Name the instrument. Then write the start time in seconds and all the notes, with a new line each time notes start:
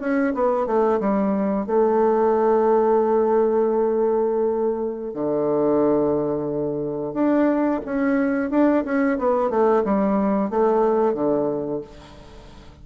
bassoon
0.00 C#4
0.34 B3
0.66 A3
1.00 G3
1.66 A3
5.14 D3
7.14 D4
7.85 C#4
8.50 D4
8.85 C#4
9.18 B3
9.50 A3
9.84 G3
10.50 A3
11.14 D3